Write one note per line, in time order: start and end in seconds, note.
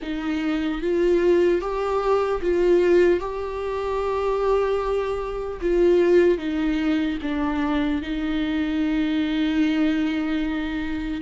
0.02 0.81 D#4
0.81 1.61 F4
1.61 2.41 G4
2.41 3.20 F4
3.20 5.60 G4
5.61 6.38 F4
6.38 7.18 D#4
7.21 8.01 D4
8.01 11.21 D#4